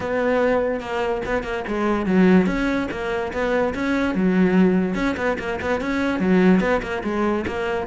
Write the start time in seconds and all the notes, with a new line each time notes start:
0.00 B3
0.80 A#3
1.25 B3
1.43 A#3
1.67 G#3
2.06 F#3
2.46 C#4
2.91 A#3
3.32 B3
3.74 C#4
4.14 F#3
4.94 C#4
5.16 B3
5.38 A#3
5.61 B3
5.80 C#4
6.19 F#3
6.60 B3
6.82 A#3
7.03 G#3
7.47 A#3